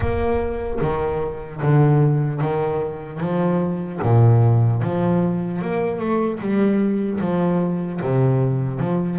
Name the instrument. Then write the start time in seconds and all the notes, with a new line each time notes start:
double bass
0.00 A#3
0.81 D#3
1.62 D3
2.40 D#3
3.20 F3
4.02 A#2
4.81 F3
5.61 A#3
5.99 A3
6.39 G3
7.20 F3
8.02 C3
8.79 F3